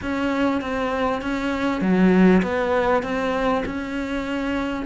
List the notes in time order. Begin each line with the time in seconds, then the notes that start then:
0.02 C#4
0.61 C4
1.21 C#4
1.81 F#3
2.42 B3
3.02 C4
3.65 C#4